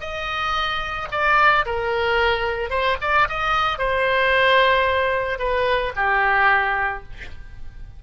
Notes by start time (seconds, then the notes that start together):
0.00 D#5
1.11 D5
1.65 A#4
2.70 C5
3.01 D5
3.28 D#5
3.78 C5
5.39 B4
5.96 G4